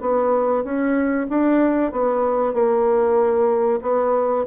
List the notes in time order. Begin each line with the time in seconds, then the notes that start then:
0.00 B3
0.63 C#4
1.29 D4
1.91 B3
2.53 A#3
3.82 B3